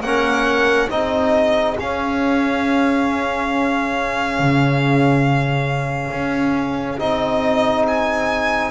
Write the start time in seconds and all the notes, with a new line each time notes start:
0.00 A#3 C#4 A#4 F#5
0.89 C4 D#4 G#4 D#5
1.78 C#4 F5
4.39 C#3
6.11 C#4
6.98 C4 D#4 D#5
7.87 G#5